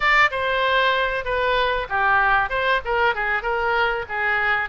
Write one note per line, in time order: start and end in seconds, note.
0.00 0.30 D5
0.30 1.24 C5
1.24 1.87 B4
1.89 2.49 G4
2.49 2.80 C5
2.84 3.14 A#4
3.14 3.42 G#4
3.42 4.05 A#4
4.08 4.69 G#4